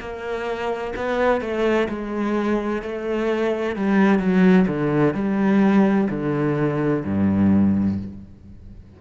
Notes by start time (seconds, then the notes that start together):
0.00 A#3
0.96 B3
1.41 A3
1.89 G#3
2.83 A3
3.76 G3
4.19 F#3
4.67 D3
5.14 G3
6.10 D3
7.05 G2